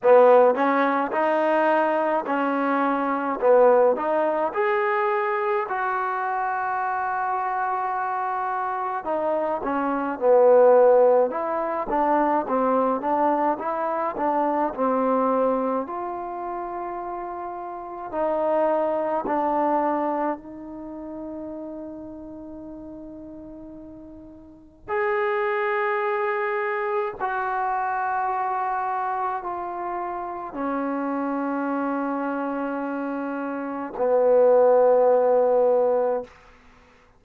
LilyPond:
\new Staff \with { instrumentName = "trombone" } { \time 4/4 \tempo 4 = 53 b8 cis'8 dis'4 cis'4 b8 dis'8 | gis'4 fis'2. | dis'8 cis'8 b4 e'8 d'8 c'8 d'8 | e'8 d'8 c'4 f'2 |
dis'4 d'4 dis'2~ | dis'2 gis'2 | fis'2 f'4 cis'4~ | cis'2 b2 | }